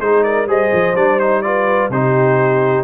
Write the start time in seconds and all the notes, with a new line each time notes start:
0.00 G#3 D#4 G#4 C5
0.24 A#4 D5
0.47 G3 G#4 C5 D#5
0.73 F3
0.95 G3 D4 D5
1.20 D#4 C5
1.42 F4 B4 D5
1.90 C3 D#4 G4 C5